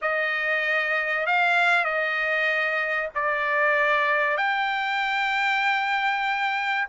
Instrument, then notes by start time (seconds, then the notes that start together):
trumpet
0.01 D#5
1.26 F5
1.84 D#5
3.14 D5
4.37 G5